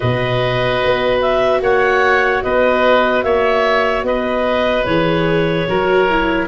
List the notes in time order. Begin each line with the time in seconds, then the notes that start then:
0.00 B2 F#4 B4 D#5
0.83 B3
1.21 E5
1.60 A#3 C#5 F#5
2.43 B3 B4 D#5
3.22 A#3 C#5 E5
4.03 B3 B4 D#5
4.84 E3 G#4 C#5
5.68 F#3 F#4 A#4
6.09 E4